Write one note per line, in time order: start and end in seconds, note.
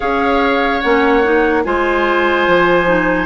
0.00 0.84 C#4
0.00 0.82 G#4
0.00 1.62 C#5
0.00 0.81 F5
0.81 1.65 A#3
0.81 1.23 C#4
0.81 1.63 F#5
1.23 1.63 D#4
1.63 2.47 G#3
1.63 2.86 F4
1.63 3.25 C5
1.63 3.25 G#5
2.47 3.25 F3
2.86 3.25 D#4